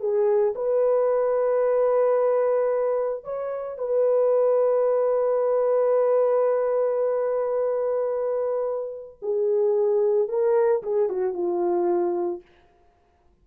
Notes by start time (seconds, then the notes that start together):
0.00 G#4
0.55 B4
3.24 C#5
3.78 B4
9.22 G#4
10.28 A#4
10.83 G#4
11.09 F#4
11.33 F4